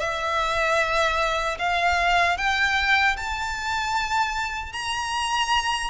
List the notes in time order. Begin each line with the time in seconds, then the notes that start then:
0.00 E5
1.59 F5
2.37 G5
3.17 A5
4.73 A#5